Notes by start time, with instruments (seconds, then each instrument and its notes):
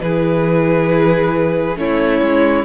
0.00 cello E3, viola E4, violin G#4 B4
1.76 cello A3, viola C#4, violin E4 C#5
2.21 cello G#3